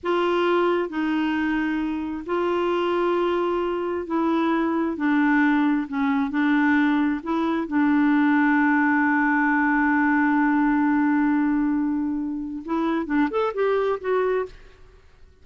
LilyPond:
\new Staff \with { instrumentName = "clarinet" } { \time 4/4 \tempo 4 = 133 f'2 dis'2~ | dis'4 f'2.~ | f'4 e'2 d'4~ | d'4 cis'4 d'2 |
e'4 d'2.~ | d'1~ | d'1 | e'4 d'8 a'8 g'4 fis'4 | }